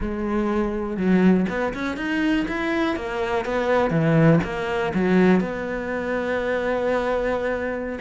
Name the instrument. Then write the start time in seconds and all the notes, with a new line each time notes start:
cello
0.00 G#3
0.96 F#3
1.49 B3
1.73 C#4
1.96 D#4
2.48 E4
2.96 A#3
3.45 B3
3.90 E3
4.43 A#3
4.94 F#3
5.40 B3